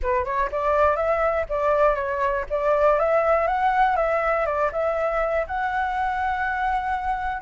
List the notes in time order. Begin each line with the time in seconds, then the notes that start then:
0.02 B4
0.24 C#5
0.51 D5
0.96 E5
1.49 D5
1.95 C#5
2.50 D5
2.99 E5
3.47 F#5
3.96 E5
4.45 D5
4.72 E5
5.47 F#5